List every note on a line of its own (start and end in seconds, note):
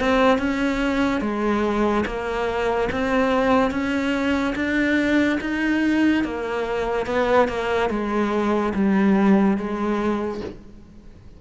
0.00 0.38 C4
0.38 1.21 C#4
1.21 2.05 G#3
2.06 2.89 A#3
2.92 3.71 C4
3.71 4.55 C#4
4.56 5.39 D4
5.41 6.24 D#4
6.24 7.06 A#3
7.06 7.48 B3
7.48 7.90 A#3
7.90 8.73 G#3
8.74 9.57 G3
9.57 10.41 G#3